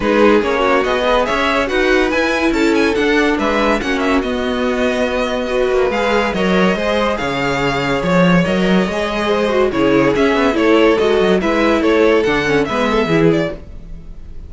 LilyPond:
<<
  \new Staff \with { instrumentName = "violin" } { \time 4/4 \tempo 4 = 142 b'4 cis''4 dis''4 e''4 | fis''4 gis''4 a''8 gis''8 fis''4 | e''4 fis''8 e''8 dis''2~ | dis''2 f''4 dis''4~ |
dis''4 f''2 cis''4 | dis''2. cis''4 | e''4 cis''4 dis''4 e''4 | cis''4 fis''4 e''4. d''8 | }
  \new Staff \with { instrumentName = "violin" } { \time 4/4 gis'4. fis'4 b'8 cis''4 | b'2 a'2 | b'4 fis'2.~ | fis'4 b'2 cis''4 |
c''4 cis''2.~ | cis''2 c''4 gis'4~ | gis'4 a'2 b'4 | a'2 b'8 a'8 gis'4 | }
  \new Staff \with { instrumentName = "viola" } { \time 4/4 dis'4 cis'4 gis'2 | fis'4 e'2 d'4~ | d'4 cis'4 b2~ | b4 fis'4 gis'4 ais'4 |
gis'1 | ais'4 gis'4. fis'8 e'4 | cis'4 e'4 fis'4 e'4~ | e'4 d'8 cis'8 b4 e'4 | }
  \new Staff \with { instrumentName = "cello" } { \time 4/4 gis4 ais4 b4 cis'4 | dis'4 e'4 cis'4 d'4 | gis4 ais4 b2~ | b4. ais8 gis4 fis4 |
gis4 cis2 f4 | fis4 gis2 cis4 | cis'8 b8 a4 gis8 fis8 gis4 | a4 d4 gis4 e4 | }
>>